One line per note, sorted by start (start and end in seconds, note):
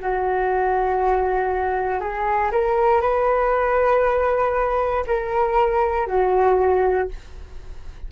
0.00 2.00 F#4
2.00 2.51 G#4
2.51 3.01 A#4
3.01 5.04 B4
5.07 6.06 A#4
6.06 7.08 F#4